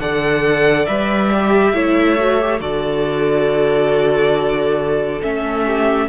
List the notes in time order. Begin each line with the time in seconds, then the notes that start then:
0.00 D3 A4 D5 F#5
0.86 G3 B4 E5
1.32 G4
1.74 A3 E4 C#5
2.19 F#4
2.41 G4
2.59 D3 F#4 A4 D5
5.22 A3 C#4 E5
5.66 G4